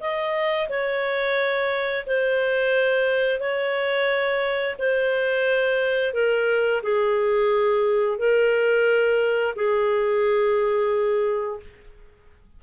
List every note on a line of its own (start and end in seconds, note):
0.00 0.68 D#5
0.69 2.05 C#5
2.06 3.39 C5
3.39 4.76 C#5
4.79 6.13 C5
6.13 6.82 A#4
6.83 8.18 G#4
8.18 9.55 A#4
9.55 11.60 G#4